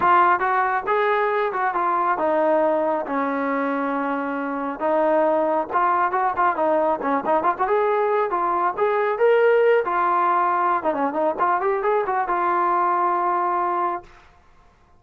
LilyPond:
\new Staff \with { instrumentName = "trombone" } { \time 4/4 \tempo 4 = 137 f'4 fis'4 gis'4. fis'8 | f'4 dis'2 cis'4~ | cis'2. dis'4~ | dis'4 f'4 fis'8 f'8 dis'4 |
cis'8 dis'8 f'16 fis'16 gis'4. f'4 | gis'4 ais'4. f'4.~ | f'8. dis'16 cis'8 dis'8 f'8 g'8 gis'8 fis'8 | f'1 | }